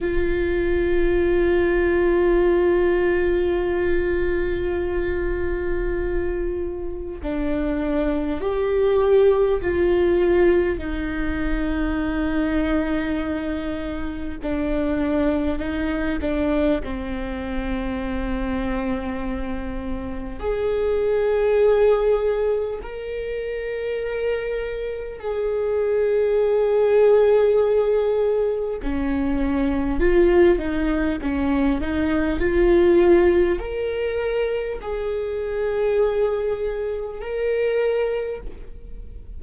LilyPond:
\new Staff \with { instrumentName = "viola" } { \time 4/4 \tempo 4 = 50 f'1~ | f'2 d'4 g'4 | f'4 dis'2. | d'4 dis'8 d'8 c'2~ |
c'4 gis'2 ais'4~ | ais'4 gis'2. | cis'4 f'8 dis'8 cis'8 dis'8 f'4 | ais'4 gis'2 ais'4 | }